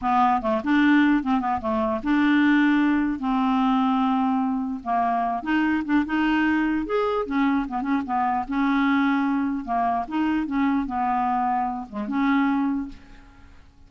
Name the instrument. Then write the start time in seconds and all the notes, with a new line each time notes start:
clarinet
0.01 B3
0.41 A3
0.64 D4
1.23 C4
1.40 B3
1.60 A3
2.03 D4
3.19 C4
4.83 A#3
5.42 D#4
5.85 D4
6.05 D#4
6.85 G#4
7.26 C#4
7.67 B3
7.81 C#4
8.05 B3
8.48 C#4
9.65 A#3
10.07 D#4
10.46 C#4
10.86 B3
11.89 G#3
12.07 C#4